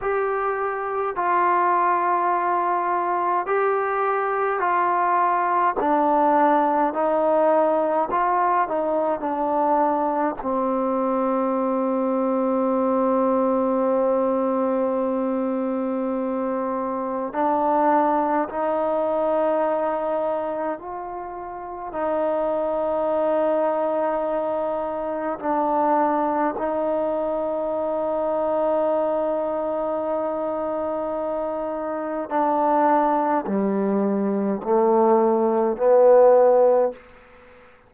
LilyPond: \new Staff \with { instrumentName = "trombone" } { \time 4/4 \tempo 4 = 52 g'4 f'2 g'4 | f'4 d'4 dis'4 f'8 dis'8 | d'4 c'2.~ | c'2. d'4 |
dis'2 f'4 dis'4~ | dis'2 d'4 dis'4~ | dis'1 | d'4 g4 a4 b4 | }